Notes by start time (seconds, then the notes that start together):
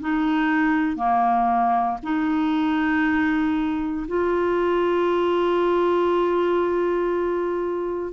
0.00 D#4
0.96 A#3
2.03 D#4
4.08 F4